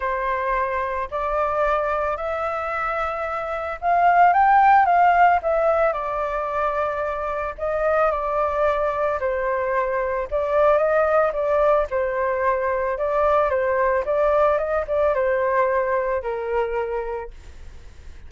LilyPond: \new Staff \with { instrumentName = "flute" } { \time 4/4 \tempo 4 = 111 c''2 d''2 | e''2. f''4 | g''4 f''4 e''4 d''4~ | d''2 dis''4 d''4~ |
d''4 c''2 d''4 | dis''4 d''4 c''2 | d''4 c''4 d''4 dis''8 d''8 | c''2 ais'2 | }